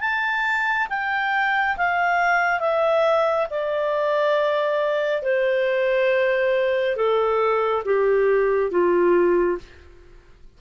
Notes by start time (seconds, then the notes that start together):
0.00 A5
0.89 G5
1.77 F5
2.60 E5
3.50 D5
5.22 C5
6.96 A4
7.85 G4
8.71 F4